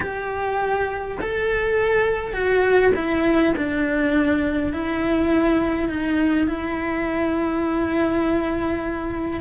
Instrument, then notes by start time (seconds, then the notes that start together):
cello
0.00 G4
1.20 A4
2.33 F#4
2.95 E4
3.56 D4
4.72 E4
5.89 D#4
6.47 E4